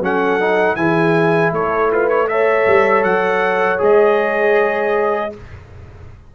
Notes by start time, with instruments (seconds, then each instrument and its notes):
0.00 tuba F#3, trombone C#4, horn A4, trumpet F#5
0.40 trombone D#4
0.76 tuba E3, trombone E4, horn G#4, trumpet G#5
1.52 tuba A3, horn A4, trumpet C#5
1.92 trumpet F4, horn B4
2.09 trumpet C#5
2.28 trombone A4, horn C#5, trumpet E5
2.67 tuba G3
3.04 tuba F#3, trumpet F#5
3.78 tuba G#3, trombone G#4, trumpet D#5